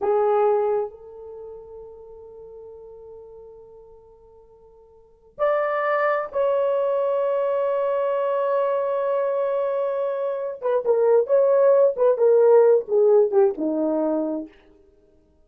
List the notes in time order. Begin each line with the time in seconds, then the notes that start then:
0.01 G#4
0.90 A4
5.38 D5
6.32 C#5
10.61 B4
10.85 A#4
11.26 C#5
11.96 B4
12.17 A#4
12.87 G#4
13.31 G4
13.57 D#4